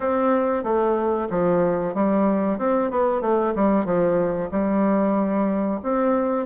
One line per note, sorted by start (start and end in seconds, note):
0.00 0.63 C4
0.63 1.28 A3
1.30 1.94 F3
1.94 2.58 G3
2.58 2.90 C4
2.90 3.21 B3
3.21 3.53 A3
3.55 3.85 G3
3.85 4.49 F3
4.51 5.80 G3
5.82 6.45 C4